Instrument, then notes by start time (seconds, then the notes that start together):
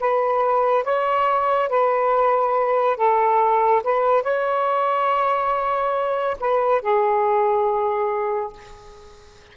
saxophone
0.00 B4
0.84 C#5
1.69 B4
2.97 A4
3.83 B4
4.23 C#5
6.40 B4
6.81 G#4